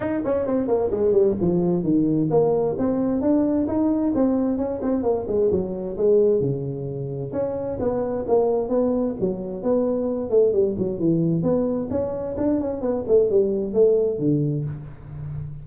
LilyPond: \new Staff \with { instrumentName = "tuba" } { \time 4/4 \tempo 4 = 131 dis'8 cis'8 c'8 ais8 gis8 g8 f4 | dis4 ais4 c'4 d'4 | dis'4 c'4 cis'8 c'8 ais8 gis8 | fis4 gis4 cis2 |
cis'4 b4 ais4 b4 | fis4 b4. a8 g8 fis8 | e4 b4 cis'4 d'8 cis'8 | b8 a8 g4 a4 d4 | }